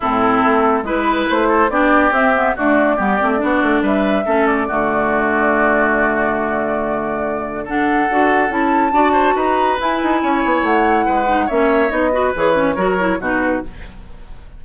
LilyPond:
<<
  \new Staff \with { instrumentName = "flute" } { \time 4/4 \tempo 4 = 141 a'2 b'4 c''4 | d''4 e''4 d''2~ | d''4 e''4. d''4.~ | d''1~ |
d''2 fis''2 | a''2 ais''4 gis''4~ | gis''4 fis''2 e''4 | dis''4 cis''2 b'4 | }
  \new Staff \with { instrumentName = "oboe" } { \time 4/4 e'2 b'4. a'8 | g'2 fis'4 g'4 | fis'4 b'4 a'4 fis'4~ | fis'1~ |
fis'2 a'2~ | a'4 d''8 c''8 b'2 | cis''2 b'4 cis''4~ | cis''8 b'4. ais'4 fis'4 | }
  \new Staff \with { instrumentName = "clarinet" } { \time 4/4 c'2 e'2 | d'4 c'8 b8 a4 b8 c'8 | d'2 cis'4 a4~ | a1~ |
a2 d'4 fis'4 | e'4 fis'2 e'4~ | e'2~ e'8 dis'8 cis'4 | dis'8 fis'8 gis'8 cis'8 fis'8 e'8 dis'4 | }
  \new Staff \with { instrumentName = "bassoon" } { \time 4/4 a,4 a4 gis4 a4 | b4 c'4 d'4 g8 a8 | b8 a8 g4 a4 d4~ | d1~ |
d2. d'4 | cis'4 d'4 dis'4 e'8 dis'8 | cis'8 b8 a4 gis4 ais4 | b4 e4 fis4 b,4 | }
>>